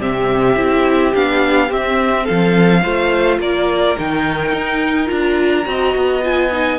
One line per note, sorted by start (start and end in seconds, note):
0.00 0.56 C3
0.00 0.56 C4
0.00 2.24 G4
0.00 1.15 E5
0.56 1.13 C4
0.56 1.13 E4
1.15 1.71 B3
1.15 1.69 D4
1.15 1.72 F5
1.69 2.82 C4
1.69 2.28 C4
1.69 2.26 E5
2.24 2.85 F3
2.24 2.81 A4
2.24 3.39 F5
2.82 3.39 A3
2.82 3.97 F4
2.82 3.39 C5
3.39 3.96 A#3
3.39 5.68 A#4
3.39 3.98 D5
3.97 4.53 D#3
3.97 5.07 D#4
3.97 5.09 G5
4.53 5.10 D#4
5.07 5.67 D4
5.07 5.63 F4
5.07 6.22 A#5
5.66 5.95 C4
5.66 6.22 F#4
5.66 6.79 D#5
5.95 6.79 B3
6.23 6.51 F4
6.23 6.79 G#5
6.52 6.79 D#4